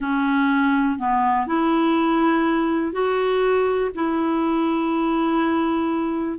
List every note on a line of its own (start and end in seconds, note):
0.00 0.98 C#4
0.98 1.47 B3
1.47 2.92 E4
2.92 3.90 F#4
3.94 6.38 E4